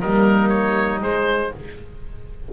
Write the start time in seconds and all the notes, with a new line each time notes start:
0.00 G3 A#3 D#4 A#4
0.49 C#5
1.02 G#3 C5